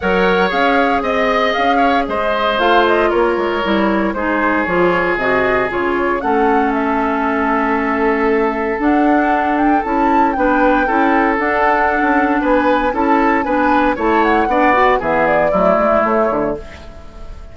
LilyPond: <<
  \new Staff \with { instrumentName = "flute" } { \time 4/4 \tempo 4 = 116 fis''4 f''4 dis''4 f''4 | dis''4 f''8 dis''8 cis''2 | c''4 cis''4 dis''4 cis''4 | fis''4 e''2.~ |
e''4 fis''4. g''8 a''4 | g''2 fis''2 | gis''4 a''4 gis''4 a''8 fis''8~ | fis''4 e''8 d''4. cis''4 | }
  \new Staff \with { instrumentName = "oboe" } { \time 4/4 cis''2 dis''4. cis''8 | c''2 ais'2 | gis'1 | a'1~ |
a'1 | b'4 a'2. | b'4 a'4 b'4 cis''4 | d''4 gis'4 e'2 | }
  \new Staff \with { instrumentName = "clarinet" } { \time 4/4 ais'4 gis'2.~ | gis'4 f'2 e'4 | dis'4 f'4 fis'4 f'4 | cis'1~ |
cis'4 d'2 e'4 | d'4 e'4 d'2~ | d'4 e'4 d'4 e'4 | d'8 fis'8 b4 a2 | }
  \new Staff \with { instrumentName = "bassoon" } { \time 4/4 fis4 cis'4 c'4 cis'4 | gis4 a4 ais8 gis8 g4 | gis4 f4 c4 cis4 | a1~ |
a4 d'2 cis'4 | b4 cis'4 d'4~ d'16 cis'8. | b4 cis'4 b4 a4 | b4 e4 fis8 gis8 a8 d8 | }
>>